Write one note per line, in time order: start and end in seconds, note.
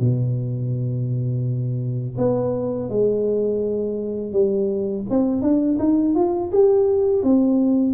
0.00 2.17 B2
2.18 2.89 B3
2.89 4.32 G#3
4.32 5.04 G3
5.10 5.42 C4
5.42 5.78 D4
5.79 6.15 D#4
6.15 6.51 F4
6.52 7.23 G4
7.23 7.94 C4